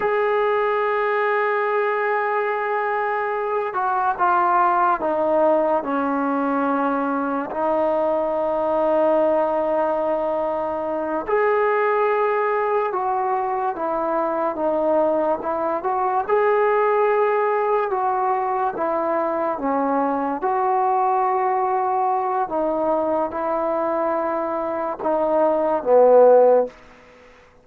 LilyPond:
\new Staff \with { instrumentName = "trombone" } { \time 4/4 \tempo 4 = 72 gis'1~ | gis'8 fis'8 f'4 dis'4 cis'4~ | cis'4 dis'2.~ | dis'4. gis'2 fis'8~ |
fis'8 e'4 dis'4 e'8 fis'8 gis'8~ | gis'4. fis'4 e'4 cis'8~ | cis'8 fis'2~ fis'8 dis'4 | e'2 dis'4 b4 | }